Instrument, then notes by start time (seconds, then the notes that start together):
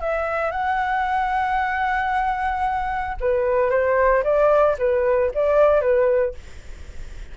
flute
0.00 E5
0.51 F#5
3.20 B4
3.70 C5
4.23 D5
4.78 B4
5.34 D5
5.81 B4